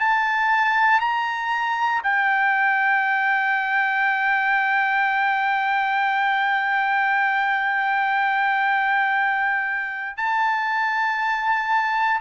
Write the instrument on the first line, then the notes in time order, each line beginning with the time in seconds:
trumpet
0.00 A5
1.01 A#5
2.04 G5
10.17 A5